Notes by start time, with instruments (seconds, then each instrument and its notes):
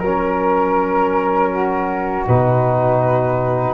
0.00 tuba F#3, trombone C#4, flute A#4, saxophone A#4
1.51 saxophone F#4
2.27 tuba B2, trombone D#4, flute B4